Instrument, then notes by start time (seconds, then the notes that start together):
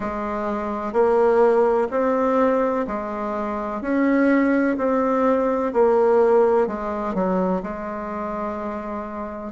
bassoon
0.00 G#3
0.92 A#3
1.90 C4
2.87 G#3
3.81 C#4
4.77 C4
5.73 A#3
6.67 G#3
7.14 F#3
7.62 G#3